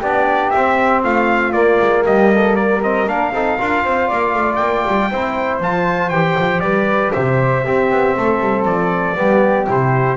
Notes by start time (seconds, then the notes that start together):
0.00 B3 D4 G4 D5
0.50 C4 E5
1.04 A3 F4 F5
1.53 A#3 D5
1.80 G#3
2.06 G3 G4 D#5
2.35 A4
2.56 A#4 D5
2.82 C4 D#5
3.07 A#3 D4 F5
3.33 C4 D#4 A4
3.57 D4 F4 A#4
3.85 C4 C5
4.08 A#3 D5
4.34 A3
4.56 A#3 G5
4.87 G3
5.11 C4 E4 C5
5.61 F3 F4 A5
6.10 E3 G4 G5
6.39 F3
6.60 G3 B4 D5
7.13 C3 C5 E5
7.65 C4 G4
7.91 B3
8.17 A3 A4
8.40 G3
8.66 F3 D5
9.16 G3 B3 G4
9.67 C3 E4 C5